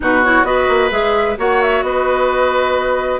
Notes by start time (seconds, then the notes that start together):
0.00 B2 D#4 F#4 B4
0.24 E4 C#5
0.44 B3 F#4 B4 D#5
0.68 A#3
0.90 G#3 G#4 E5
1.37 A#3 F#4 C#5 F#5
1.61 E5
1.82 B3 B4 D#5